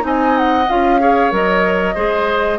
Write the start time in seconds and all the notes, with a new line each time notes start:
0.00 C4 D#4 G#5
0.06 D#5
0.37 F#5
0.69 C#4 F4 F5
1.00 G#4 C#5
1.31 F#3 A#4 D#5
1.94 G#3 G#4 C5